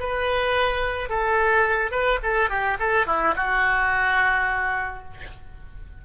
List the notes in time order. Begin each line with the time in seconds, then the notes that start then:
0.00 B4
1.09 A4
1.91 B4
2.23 A4
2.50 G4
2.79 A4
3.07 E4
3.36 F#4